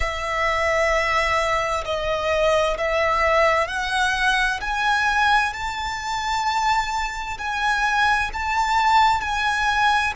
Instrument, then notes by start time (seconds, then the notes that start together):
violin
0.00 E5
1.85 D#5
2.77 E5
3.67 F#5
4.61 G#5
5.53 A5
7.38 G#5
8.33 A5
9.21 G#5